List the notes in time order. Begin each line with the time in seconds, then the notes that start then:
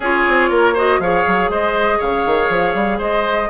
0.00 C#4 F4 G#4 C#5
0.28 C4
0.49 A#3 A#4
0.73 F#4 C5 D#5
0.99 F3 G#4 C#5 F5
1.26 F#3
1.49 G#3 C5 D#5
1.98 C#3 C#5 F5
2.26 D#3
2.49 F3
2.74 G3
2.98 G#3 C5 D#5